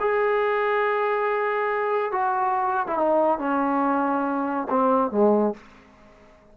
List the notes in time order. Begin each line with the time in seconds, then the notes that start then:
0.00 G#4
2.11 F#4
2.87 E4
2.97 D#4
3.38 C#4
4.69 C4
5.11 G#3